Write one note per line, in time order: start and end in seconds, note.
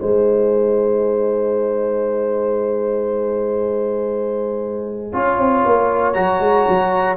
0.00 5.14 G#3
0.00 5.13 D#4
0.00 5.12 C5
0.00 6.14 G#5
5.12 5.39 C#4
5.12 6.15 F4
5.12 7.17 C#5
5.39 5.64 C4
5.66 6.16 A#3
6.14 6.40 F#3
6.14 7.17 F#4
6.14 7.16 A#5
6.40 6.66 G#3
6.69 7.17 F#3